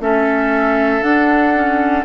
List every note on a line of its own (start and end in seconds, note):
0.00 1.02 A3
0.00 1.01 C#4
0.00 2.05 A4
0.00 1.02 E5
1.01 1.52 D4
1.01 2.04 D4
1.01 2.04 F#5
1.54 2.05 C#4